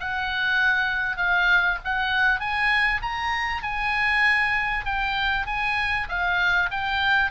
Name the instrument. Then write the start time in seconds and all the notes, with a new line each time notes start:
oboe
0.00 F#5
1.17 F5
1.85 F#5
2.40 G#5
3.02 A#5
3.63 G#5
4.85 G5
5.46 G#5
6.09 F5
6.71 G5